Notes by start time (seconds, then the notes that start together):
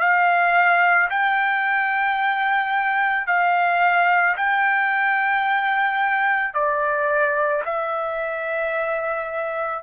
0.00 F5
1.10 G5
3.27 F5
4.36 G5
6.54 D5
7.65 E5